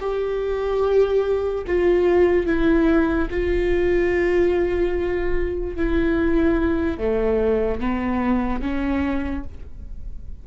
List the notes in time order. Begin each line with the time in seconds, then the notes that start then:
0.00 G4
1.67 F4
2.46 E4
3.30 F4
5.76 E4
6.98 A3
7.80 B3
8.61 C#4